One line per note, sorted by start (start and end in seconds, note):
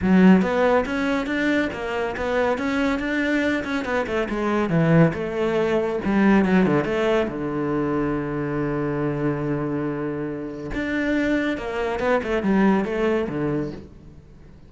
0.02 0.41 F#3
0.41 0.84 B3
0.85 1.26 C#4
1.26 1.69 D4
1.72 2.15 A#3
2.16 2.58 B3
2.58 2.99 C#4
2.99 3.63 D4
3.64 3.84 C#4
3.84 4.06 B3
4.06 4.28 A3
4.29 4.69 G#3
4.69 5.12 E3
5.13 5.99 A3
6.04 6.45 G3
6.45 6.66 F#3
6.66 6.84 D3
6.84 7.27 A3
7.28 10.70 D3
10.74 11.57 D4
11.57 11.99 A#3
11.99 12.21 B3
12.23 12.42 A3
12.42 12.84 G3
12.84 13.27 A3
13.28 13.71 D3